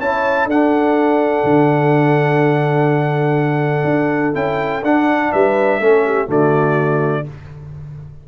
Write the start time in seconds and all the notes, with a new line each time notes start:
0.00 C#4 E4 C#5 A5
0.46 D4 A4 F#5
1.44 D3
3.85 D4
4.35 C#4 E4 G5
4.83 D4 F#5
5.32 G3 B4 E5
5.80 A3 C#4 A4
6.05 G4
6.28 D3 A3 F#4 D5